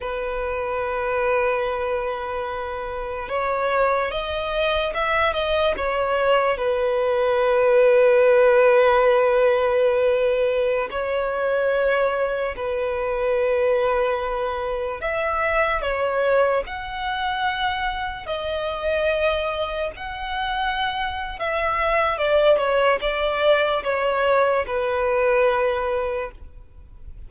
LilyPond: \new Staff \with { instrumentName = "violin" } { \time 4/4 \tempo 4 = 73 b'1 | cis''4 dis''4 e''8 dis''8 cis''4 | b'1~ | b'4~ b'16 cis''2 b'8.~ |
b'2~ b'16 e''4 cis''8.~ | cis''16 fis''2 dis''4.~ dis''16~ | dis''16 fis''4.~ fis''16 e''4 d''8 cis''8 | d''4 cis''4 b'2 | }